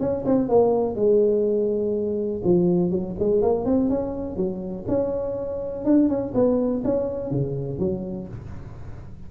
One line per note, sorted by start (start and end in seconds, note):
0.00 0.24 C#4
0.26 0.49 C4
0.49 0.96 A#3
0.96 2.42 G#3
2.44 2.91 F3
2.91 3.15 F#3
3.19 3.42 G#3
3.42 3.65 A#3
3.65 3.90 C4
3.90 4.37 C#4
4.37 4.85 F#3
4.88 5.85 C#4
5.85 6.09 D4
6.09 6.33 C#4
6.35 6.83 B3
6.84 7.31 C#4
7.31 7.79 C#3
7.79 8.28 F#3